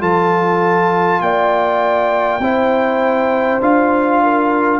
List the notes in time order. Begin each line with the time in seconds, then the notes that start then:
0.00 F3 F4 A4 A5
1.21 A#3 D5 G5
2.39 C4 E4 C5
3.61 D4 F4 F5
4.23 A#4